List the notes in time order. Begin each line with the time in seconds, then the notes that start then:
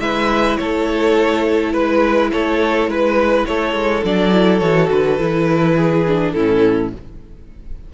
0.00 G#3 E4 B4 E5
0.57 A3 A4 C#5
1.73 G#3 B4
2.32 A3 A4 C#5
2.87 G#3 B4
3.46 A3 A4 C#5
3.74 G#3
4.04 F#3 D4 D5
4.32 E4
4.59 E3 F#4 C#5
4.91 D3 B4
5.19 E3 E4
5.76 G#4
6.08 D4
6.31 A2 C#4 E4 A4